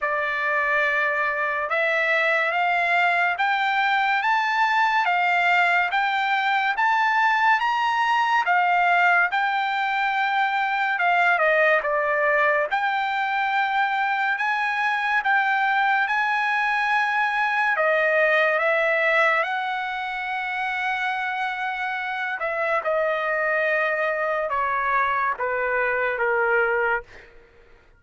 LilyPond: \new Staff \with { instrumentName = "trumpet" } { \time 4/4 \tempo 4 = 71 d''2 e''4 f''4 | g''4 a''4 f''4 g''4 | a''4 ais''4 f''4 g''4~ | g''4 f''8 dis''8 d''4 g''4~ |
g''4 gis''4 g''4 gis''4~ | gis''4 dis''4 e''4 fis''4~ | fis''2~ fis''8 e''8 dis''4~ | dis''4 cis''4 b'4 ais'4 | }